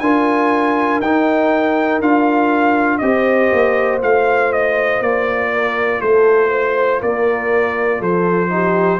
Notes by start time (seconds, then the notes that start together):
0.00 D4 F4 A#4 G#5
1.00 D#4 G5
2.01 D4 F4 F5
2.99 C4 G4 C5 D#5
3.52 A#3
4.01 A3 F4 F5
4.53 D#5
5.01 A#3 D5
5.54 A#4
6.01 A3 A4 C5
6.51 C5
7.01 A#3 A#4 D5
8.00 F3 A4 C5
8.49 D#4 G4